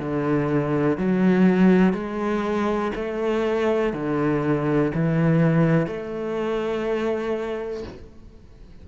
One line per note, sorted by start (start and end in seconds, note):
0.00 0.98 D3
0.98 1.94 F#3
1.94 2.92 G#3
2.96 3.93 A3
3.93 4.92 D3
4.95 5.87 E3
5.87 7.84 A3